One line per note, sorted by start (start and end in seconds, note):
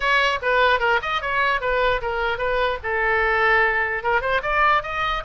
0.00 0.39 C#5
0.42 0.79 B4
0.79 1.00 A#4
1.02 1.21 D#5
1.21 1.60 C#5
1.60 2.01 B4
2.01 2.38 A#4
2.38 2.78 B4
2.83 4.03 A4
4.03 4.21 A#4
4.21 4.41 C5
4.42 4.82 D5
4.82 5.23 D#5